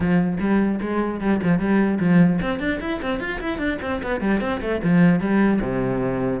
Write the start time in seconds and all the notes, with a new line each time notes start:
0.00 F3
0.39 G3
0.80 G#3
1.20 G3
1.42 F3
1.58 G3
1.99 F3
2.41 C4
2.59 D4
2.80 E4
3.01 C4
3.20 F4
3.40 E4
3.57 D4
3.81 C4
4.02 B3
4.21 G3
4.41 C4
4.61 A3
4.83 F3
5.19 G3
5.61 C3